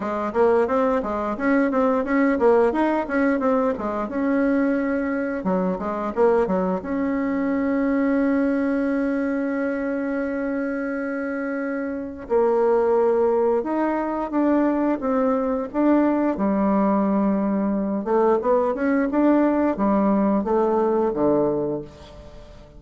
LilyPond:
\new Staff \with { instrumentName = "bassoon" } { \time 4/4 \tempo 4 = 88 gis8 ais8 c'8 gis8 cis'8 c'8 cis'8 ais8 | dis'8 cis'8 c'8 gis8 cis'2 | fis8 gis8 ais8 fis8 cis'2~ | cis'1~ |
cis'2 ais2 | dis'4 d'4 c'4 d'4 | g2~ g8 a8 b8 cis'8 | d'4 g4 a4 d4 | }